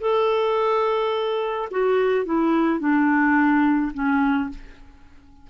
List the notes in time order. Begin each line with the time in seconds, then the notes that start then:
0.00 A4
1.71 F#4
2.25 E4
2.79 D4
3.93 C#4